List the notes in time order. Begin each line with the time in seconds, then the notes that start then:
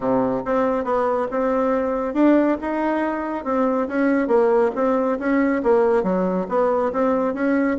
0.00 C3
0.45 C4
0.84 B3
1.30 C4
2.14 D4
2.61 D#4
3.44 C4
3.88 C#4
4.27 A#3
4.75 C4
5.19 C#4
5.63 A#3
6.03 F#3
6.48 B3
6.92 C4
7.34 C#4